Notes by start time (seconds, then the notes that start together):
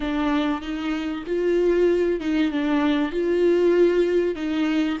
0.00 D4
0.61 D#4
1.26 F4
2.20 D#4
2.51 D4
3.11 F4
4.35 D#4